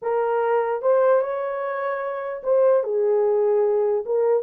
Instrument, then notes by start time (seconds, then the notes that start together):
horn
0.02 A#4
0.82 C5
1.21 C#5
2.43 C5
2.83 G#4
4.05 A#4